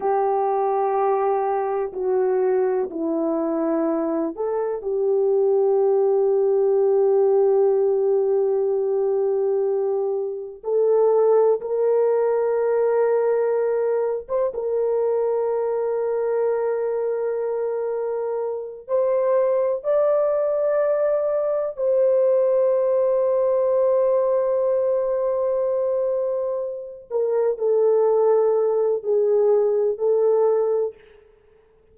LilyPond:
\new Staff \with { instrumentName = "horn" } { \time 4/4 \tempo 4 = 62 g'2 fis'4 e'4~ | e'8 a'8 g'2.~ | g'2. a'4 | ais'2~ ais'8. c''16 ais'4~ |
ais'2.~ ais'8 c''8~ | c''8 d''2 c''4.~ | c''1 | ais'8 a'4. gis'4 a'4 | }